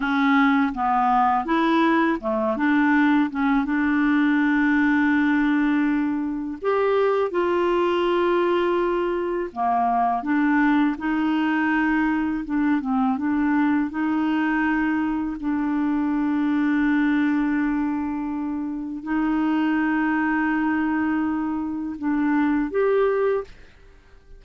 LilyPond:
\new Staff \with { instrumentName = "clarinet" } { \time 4/4 \tempo 4 = 82 cis'4 b4 e'4 a8 d'8~ | d'8 cis'8 d'2.~ | d'4 g'4 f'2~ | f'4 ais4 d'4 dis'4~ |
dis'4 d'8 c'8 d'4 dis'4~ | dis'4 d'2.~ | d'2 dis'2~ | dis'2 d'4 g'4 | }